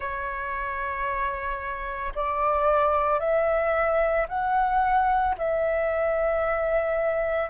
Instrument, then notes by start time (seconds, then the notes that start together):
flute
0.00 C#5
2.15 D5
3.19 E5
4.28 F#5
5.38 E5